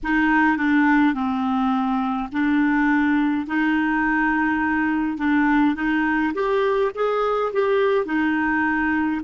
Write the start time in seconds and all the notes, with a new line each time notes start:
0.03 D#4
0.57 D4
1.13 C4
2.31 D4
3.46 D#4
5.17 D4
5.75 D#4
6.34 G4
6.94 G#4
7.53 G4
8.05 D#4